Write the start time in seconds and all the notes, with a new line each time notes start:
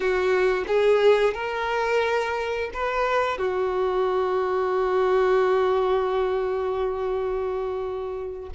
0.00 F#4
0.67 G#4
1.34 A#4
2.73 B4
3.37 F#4